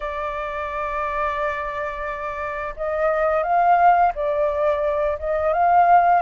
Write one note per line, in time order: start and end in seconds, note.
0.00 2.74 D5
2.76 3.43 D#5
3.43 4.12 F5
4.14 5.18 D5
5.18 5.53 D#5
5.53 6.21 F5